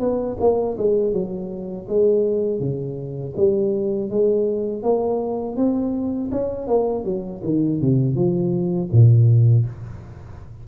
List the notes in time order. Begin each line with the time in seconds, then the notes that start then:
0.00 B3
0.40 A#3
0.78 G#3
1.13 F#3
1.89 G#3
2.60 C#3
3.37 G3
4.10 G#3
4.83 A#3
5.57 C4
6.32 C#4
6.68 A#3
7.05 F#3
7.44 D#3
7.81 C3
8.15 F3
8.92 A#2